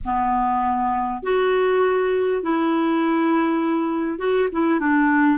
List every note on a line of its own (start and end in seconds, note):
0.04 1.22 B3
1.22 2.42 F#4
2.42 4.18 E4
4.18 4.48 F#4
4.52 4.79 E4
4.79 5.37 D4